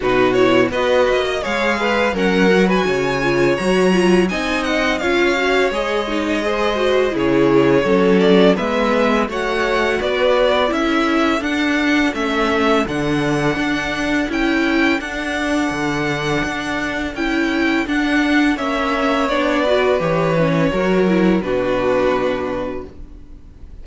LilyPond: <<
  \new Staff \with { instrumentName = "violin" } { \time 4/4 \tempo 4 = 84 b'8 cis''8 dis''4 f''4 fis''8. gis''16~ | gis''4 ais''4 gis''8 fis''8 f''4 | dis''2 cis''4. d''8 | e''4 fis''4 d''4 e''4 |
fis''4 e''4 fis''2 | g''4 fis''2. | g''4 fis''4 e''4 d''4 | cis''2 b'2 | }
  \new Staff \with { instrumentName = "violin" } { \time 4/4 fis'4 b'8. dis''16 cis''8 b'8 ais'8. b'16 | cis''2 dis''4 cis''4~ | cis''4 c''4 gis'4 a'4 | b'4 cis''4 b'4 a'4~ |
a'1~ | a'1~ | a'2 cis''4. b'8~ | b'4 ais'4 fis'2 | }
  \new Staff \with { instrumentName = "viola" } { \time 4/4 dis'8 e'8 fis'4 gis'4 cis'8 fis'8~ | fis'8 f'8 fis'8 f'8 dis'4 f'8 fis'8 | gis'8 dis'8 gis'8 fis'8 e'4 cis'4 | b4 fis'2 e'4 |
d'4 cis'4 d'2 | e'4 d'2. | e'4 d'4 cis'4 d'8 fis'8 | g'8 cis'8 fis'8 e'8 d'2 | }
  \new Staff \with { instrumentName = "cello" } { \time 4/4 b,4 b8 ais8 gis4 fis4 | cis4 fis4 c'4 cis'4 | gis2 cis4 fis4 | gis4 a4 b4 cis'4 |
d'4 a4 d4 d'4 | cis'4 d'4 d4 d'4 | cis'4 d'4 ais4 b4 | e4 fis4 b,2 | }
>>